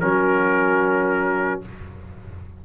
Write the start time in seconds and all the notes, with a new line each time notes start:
0.00 F#3 C#4 F#4 A#4